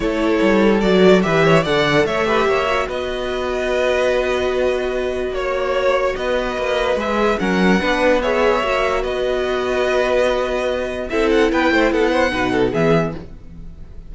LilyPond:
<<
  \new Staff \with { instrumentName = "violin" } { \time 4/4 \tempo 4 = 146 cis''2 d''4 e''4 | fis''4 e''2 dis''4~ | dis''1~ | dis''4 cis''2 dis''4~ |
dis''4 e''4 fis''2 | e''2 dis''2~ | dis''2. e''8 fis''8 | g''4 fis''2 e''4 | }
  \new Staff \with { instrumentName = "violin" } { \time 4/4 a'2. b'8 cis''8 | d''4 cis''8 b'8 cis''4 b'4~ | b'1~ | b'4 cis''2 b'4~ |
b'2 ais'4 b'4 | cis''2 b'2~ | b'2. a'4 | b'8 c''8 a'8 c''8 b'8 a'8 gis'4 | }
  \new Staff \with { instrumentName = "viola" } { \time 4/4 e'2 fis'4 g'4 | a'4. g'4 fis'4.~ | fis'1~ | fis'1~ |
fis'4 gis'4 cis'4 d'4 | gis'4 fis'2.~ | fis'2. e'4~ | e'2 dis'4 b4 | }
  \new Staff \with { instrumentName = "cello" } { \time 4/4 a4 g4 fis4 e4 | d4 a4 ais4 b4~ | b1~ | b4 ais2 b4 |
ais4 gis4 fis4 b4~ | b4 ais4 b2~ | b2. c'4 | b8 a8 b4 b,4 e4 | }
>>